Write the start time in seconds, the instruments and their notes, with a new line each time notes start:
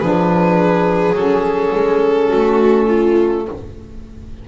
0.00 double bass F3, saxophone D4, viola G#4, violin B4
1.13 double bass F#3, saxophone C#4, violin A4
1.75 double bass G#3
2.29 double bass A3, viola F#4
2.87 viola F4